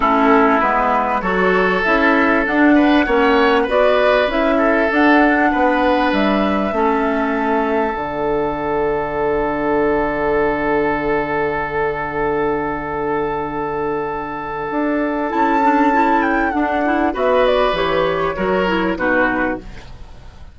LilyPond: <<
  \new Staff \with { instrumentName = "flute" } { \time 4/4 \tempo 4 = 98 a'4 b'4 cis''4 e''4 | fis''2 d''4 e''4 | fis''2 e''2~ | e''4 fis''2.~ |
fis''1~ | fis''1~ | fis''4 a''4. g''8 fis''4 | e''8 d''8 cis''2 b'4 | }
  \new Staff \with { instrumentName = "oboe" } { \time 4/4 e'2 a'2~ | a'8 b'8 cis''4 b'4. a'8~ | a'4 b'2 a'4~ | a'1~ |
a'1~ | a'1~ | a'1 | b'2 ais'4 fis'4 | }
  \new Staff \with { instrumentName = "clarinet" } { \time 4/4 cis'4 b4 fis'4 e'4 | d'4 cis'4 fis'4 e'4 | d'2. cis'4~ | cis'4 d'2.~ |
d'1~ | d'1~ | d'4 e'8 d'8 e'4 d'8 e'8 | fis'4 g'4 fis'8 e'8 dis'4 | }
  \new Staff \with { instrumentName = "bassoon" } { \time 4/4 a4 gis4 fis4 cis'4 | d'4 ais4 b4 cis'4 | d'4 b4 g4 a4~ | a4 d2.~ |
d1~ | d1 | d'4 cis'2 d'4 | b4 e4 fis4 b,4 | }
>>